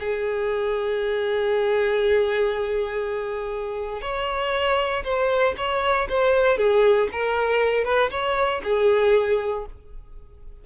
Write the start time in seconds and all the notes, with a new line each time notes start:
0.00 G#4
4.02 C#5
5.04 C5
5.57 C#5
6.09 C5
6.58 G#4
7.12 A#4
7.85 B4
8.11 C#5
8.64 G#4